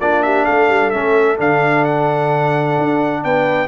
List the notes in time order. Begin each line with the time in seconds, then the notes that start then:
0.00 A#3 D4 F4 D5
0.22 G4 E5
0.45 A3 A4 F5
0.69 G3
0.90 A3 C#4 E5
1.37 D3 D4 F5
1.85 F#5
2.78 D4
3.23 B3 B4 G5